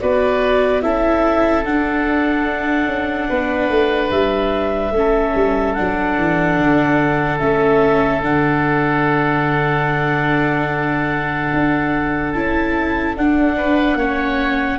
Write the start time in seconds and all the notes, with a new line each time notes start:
0.00 B3 F#4 B4 D5
0.82 C#4 E4 A4 E5
1.65 D4 F#5
2.86 C#4
3.29 B3 B4
3.70 A3
4.11 G3 E5
4.91 A3 C#4
4.97 A4
5.35 G3
5.74 F#3 D4 F#5
6.18 E3
6.58 D3
7.39 A3 C#4 E5
8.22 D3 D4 F#5
11.53 D4
12.32 C#4 E4 A5
13.17 D4 F#5
13.57 B4
13.95 A#3 C#4 C#5